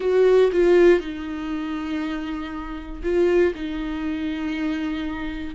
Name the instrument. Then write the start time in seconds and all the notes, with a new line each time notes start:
viola
0.00 F#4
0.52 F4
1.00 D#4
3.03 F4
3.54 D#4